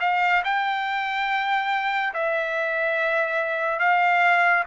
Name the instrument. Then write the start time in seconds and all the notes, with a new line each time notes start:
trumpet
0.00 F5
0.44 G5
2.14 E5
3.79 F5